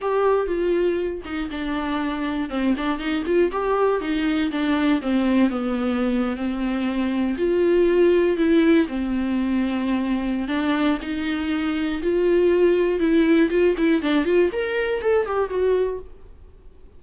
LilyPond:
\new Staff \with { instrumentName = "viola" } { \time 4/4 \tempo 4 = 120 g'4 f'4. dis'8 d'4~ | d'4 c'8 d'8 dis'8 f'8 g'4 | dis'4 d'4 c'4 b4~ | b8. c'2 f'4~ f'16~ |
f'8. e'4 c'2~ c'16~ | c'4 d'4 dis'2 | f'2 e'4 f'8 e'8 | d'8 f'8 ais'4 a'8 g'8 fis'4 | }